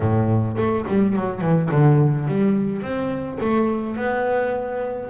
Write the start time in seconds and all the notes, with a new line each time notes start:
0.00 A2
0.57 A3
0.87 G3
1.16 F#3
1.41 E3
1.71 D3
2.27 G3
2.81 C4
3.40 A3
3.96 B3